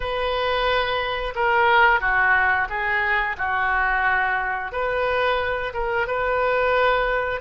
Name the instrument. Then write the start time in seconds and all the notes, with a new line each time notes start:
oboe
0.00 B4
1.35 A#4
2.00 F#4
2.69 G#4
3.37 F#4
4.72 B4
5.73 A#4
6.07 B4